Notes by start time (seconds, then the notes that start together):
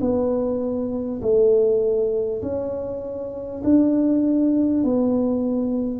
0.00 B3
1.22 A3
2.42 C#4
3.63 D4
4.84 B3